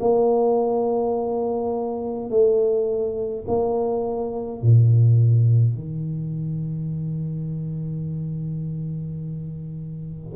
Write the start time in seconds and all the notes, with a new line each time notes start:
0.00 A#3
2.29 A3
3.47 A#3
4.62 A#2
5.74 D#3